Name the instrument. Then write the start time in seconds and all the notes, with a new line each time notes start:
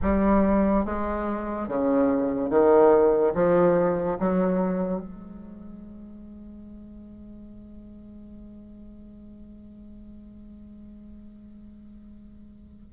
bassoon
0.02 G3
0.85 G#3
1.67 C#3
2.50 D#3
3.34 F3
4.19 F#3
5.01 G#3